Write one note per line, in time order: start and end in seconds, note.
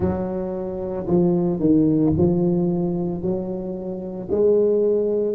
0.00 1.06 F#3
1.06 1.59 F3
1.59 2.13 D#3
2.17 3.21 F3
3.21 4.29 F#3
4.31 5.34 G#3